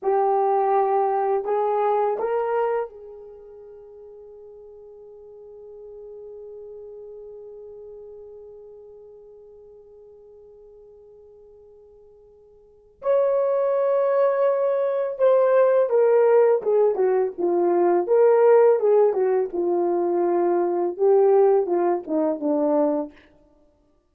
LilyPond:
\new Staff \with { instrumentName = "horn" } { \time 4/4 \tempo 4 = 83 g'2 gis'4 ais'4 | gis'1~ | gis'1~ | gis'1~ |
gis'2 cis''2~ | cis''4 c''4 ais'4 gis'8 fis'8 | f'4 ais'4 gis'8 fis'8 f'4~ | f'4 g'4 f'8 dis'8 d'4 | }